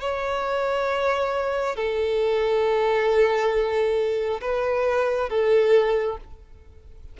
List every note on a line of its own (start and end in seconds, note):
0.00 1.76 C#5
1.76 4.40 A4
4.41 5.29 B4
5.29 6.17 A4